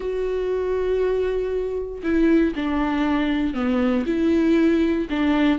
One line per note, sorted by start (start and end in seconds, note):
0.00 2.02 F#4
2.03 2.54 E4
2.55 3.54 D4
3.54 4.04 B3
4.05 5.07 E4
5.10 5.58 D4